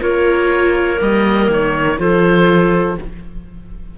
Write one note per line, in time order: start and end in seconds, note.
0.00 1.00 A#3
0.00 0.97 F4
0.00 1.98 A#4
0.00 1.00 C#5
0.97 1.48 G3
0.97 1.95 A#3
0.97 1.50 D#5
1.48 1.98 D#3
1.48 1.99 C#5
1.97 2.97 F3
1.97 2.96 F4
1.97 2.98 A4
1.97 2.98 C5